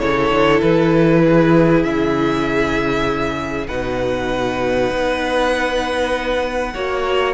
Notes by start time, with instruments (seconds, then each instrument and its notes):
0.00 cello C#3, viola E4, violin A4 C#5
0.31 cello D3
0.62 cello E3, violin B4
1.25 violin G#4
1.83 cello C#3, violin E5
3.68 cello B2, viola D#4, violin B4 F#5
4.91 cello B3
6.74 cello A#3, viola F#4, violin C#5